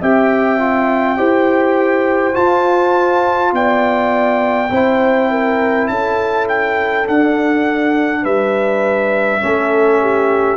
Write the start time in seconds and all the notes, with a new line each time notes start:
0.00 C4 G4 E5 G5
0.58 F4
1.17 E4 G4 C5
2.33 F4 A5
3.52 B3 D5 G5
4.70 C4 E4 C5
5.31 A#4
5.87 C#4 A4 A5
6.48 G5
7.05 D4 F#5
8.22 G3 B4 E5
9.40 A3 C#4 A4
10.01 G4